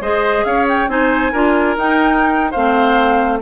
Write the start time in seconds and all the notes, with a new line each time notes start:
0.00 G#3 G#4 C5 D#5
0.44 C#4 C#5 F5
0.68 G5
0.87 C4 D#4 C5 G#5
1.32 D4 F4 A#4
1.76 D#4 G5
2.51 A3 C4 C5 F5